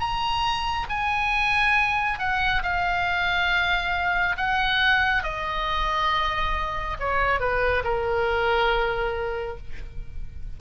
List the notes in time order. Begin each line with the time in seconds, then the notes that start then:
0.00 A#5
0.89 G#5
2.19 F#5
2.62 F5
4.37 F#5
5.23 D#5
7.00 C#5
7.40 B4
7.84 A#4